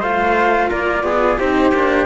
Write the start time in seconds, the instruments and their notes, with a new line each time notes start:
0.00 cello A3 F4, trumpet C5, flute F5
0.68 cello A#3, trumpet A#4, flute D5
1.03 cello B3, trumpet G#4
1.38 cello C4 D#4, trumpet G4, flute C5
1.71 cello A#3 D4